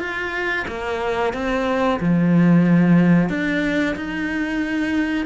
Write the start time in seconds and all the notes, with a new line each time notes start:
0.00 F4
0.68 A#3
1.34 C4
2.00 F3
3.29 D4
3.96 D#4